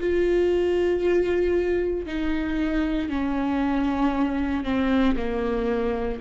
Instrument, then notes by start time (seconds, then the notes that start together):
viola
0.00 F4
2.06 D#4
3.09 C#4
4.64 C4
5.16 A#3